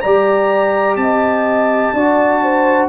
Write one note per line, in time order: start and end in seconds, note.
0.00 0.96 G3
0.00 1.95 G4
0.00 0.98 D5
0.00 0.95 A#5
0.96 1.91 C4
0.96 1.94 D#5
0.96 2.87 A5
1.93 2.88 D4
1.93 2.88 F#4
1.93 2.41 D5
2.42 2.88 C5